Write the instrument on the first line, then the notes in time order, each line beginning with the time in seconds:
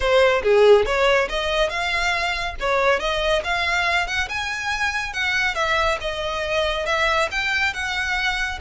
violin
0.00 C5
0.42 G#4
0.85 C#5
1.29 D#5
1.69 F5
2.60 C#5
2.99 D#5
3.44 F5
4.07 F#5
4.29 G#5
5.13 F#5
5.55 E5
6.00 D#5
6.86 E5
7.31 G5
7.73 F#5